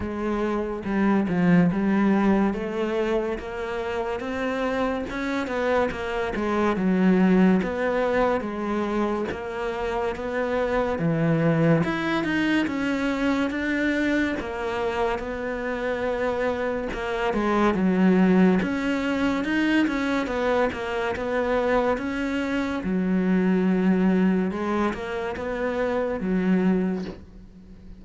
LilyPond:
\new Staff \with { instrumentName = "cello" } { \time 4/4 \tempo 4 = 71 gis4 g8 f8 g4 a4 | ais4 c'4 cis'8 b8 ais8 gis8 | fis4 b4 gis4 ais4 | b4 e4 e'8 dis'8 cis'4 |
d'4 ais4 b2 | ais8 gis8 fis4 cis'4 dis'8 cis'8 | b8 ais8 b4 cis'4 fis4~ | fis4 gis8 ais8 b4 fis4 | }